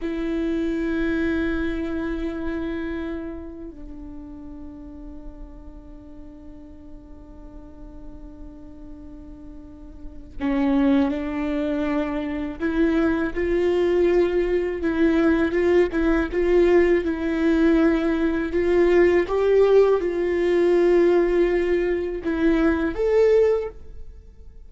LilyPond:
\new Staff \with { instrumentName = "viola" } { \time 4/4 \tempo 4 = 81 e'1~ | e'4 d'2.~ | d'1~ | d'2 cis'4 d'4~ |
d'4 e'4 f'2 | e'4 f'8 e'8 f'4 e'4~ | e'4 f'4 g'4 f'4~ | f'2 e'4 a'4 | }